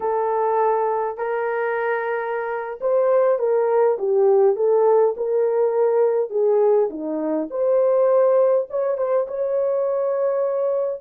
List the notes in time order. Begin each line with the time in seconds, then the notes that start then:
0.00 A4
1.17 A#4
2.80 C5
3.38 A#4
3.98 G4
4.56 A4
5.16 A#4
6.30 G#4
6.90 D#4
7.50 C5
8.70 C#5
8.97 C5
9.27 C#5